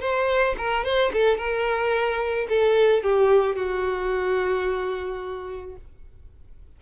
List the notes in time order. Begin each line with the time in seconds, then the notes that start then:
0.00 C5
0.58 A#4
0.84 C5
1.13 A4
1.37 A#4
2.49 A4
3.03 G4
3.55 F#4